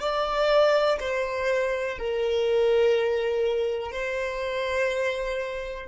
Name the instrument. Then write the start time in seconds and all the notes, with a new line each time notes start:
violin
0.00 D5
0.99 C5
1.98 A#4
3.92 C5